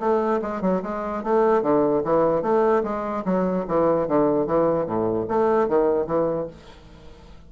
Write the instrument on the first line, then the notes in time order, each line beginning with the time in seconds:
bassoon
0.00 A3
0.42 G#3
0.62 F#3
0.83 G#3
1.24 A3
1.63 D3
2.05 E3
2.43 A3
2.84 G#3
3.25 F#3
3.68 E3
4.08 D3
4.47 E3
4.86 A2
5.29 A3
5.68 D#3
6.07 E3